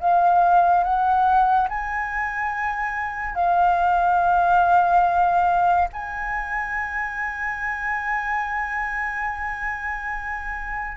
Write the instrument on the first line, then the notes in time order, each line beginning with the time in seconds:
flute
0.00 F5
0.84 F#5
1.69 G#5
3.35 F5
5.93 G#5